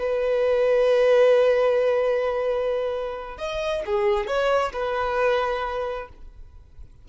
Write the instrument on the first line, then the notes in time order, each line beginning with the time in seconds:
violin
0.00 B4
3.38 D#5
3.86 G#4
4.27 C#5
4.73 B4